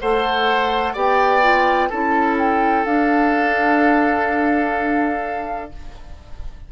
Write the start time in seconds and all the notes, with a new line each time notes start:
0.00 A3 A4 C5 F#5
0.94 B3 G4 D5 G5
1.42 F4
1.89 C#4 E4 A4 A5
2.38 G5
2.86 D4 F5